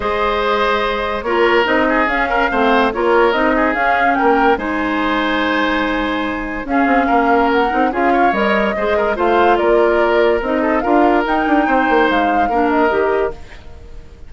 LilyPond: <<
  \new Staff \with { instrumentName = "flute" } { \time 4/4 \tempo 4 = 144 dis''2. cis''4 | dis''4 f''2 cis''4 | dis''4 f''4 g''4 gis''4~ | gis''1 |
f''2 fis''4 f''4 | dis''2 f''4 d''4~ | d''4 dis''4 f''4 g''4~ | g''4 f''4. dis''4. | }
  \new Staff \with { instrumentName = "oboe" } { \time 4/4 c''2. ais'4~ | ais'8 gis'4 ais'8 c''4 ais'4~ | ais'8 gis'4. ais'4 c''4~ | c''1 |
gis'4 ais'2 gis'8 cis''8~ | cis''4 c''8 ais'8 c''4 ais'4~ | ais'4. a'8 ais'2 | c''2 ais'2 | }
  \new Staff \with { instrumentName = "clarinet" } { \time 4/4 gis'2. f'4 | dis'4 cis'4 c'4 f'4 | dis'4 cis'2 dis'4~ | dis'1 |
cis'2~ cis'8 dis'8 f'4 | ais'4 gis'4 f'2~ | f'4 dis'4 f'4 dis'4~ | dis'2 d'4 g'4 | }
  \new Staff \with { instrumentName = "bassoon" } { \time 4/4 gis2. ais4 | c'4 cis'4 a4 ais4 | c'4 cis'4 ais4 gis4~ | gis1 |
cis'8 c'8 ais4. c'8 cis'4 | g4 gis4 a4 ais4~ | ais4 c'4 d'4 dis'8 d'8 | c'8 ais8 gis4 ais4 dis4 | }
>>